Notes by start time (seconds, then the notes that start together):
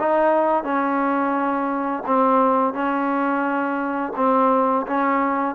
0.00 D#4
0.64 C#4
2.07 C4
2.74 C#4
4.16 C4
4.87 C#4